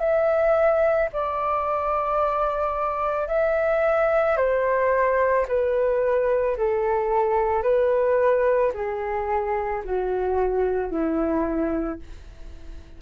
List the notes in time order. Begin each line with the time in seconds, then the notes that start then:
0.00 E5
1.13 D5
3.28 E5
4.37 C5
5.48 B4
6.58 A4
7.63 B4
8.74 G#4
9.84 F#4
10.91 E4